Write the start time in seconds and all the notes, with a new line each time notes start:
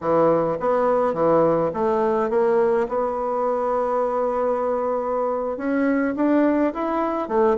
0.00 E3
0.60 B3
1.13 E3
1.73 A3
2.30 A#3
2.88 B3
5.57 C#4
6.16 D4
6.73 E4
7.28 A3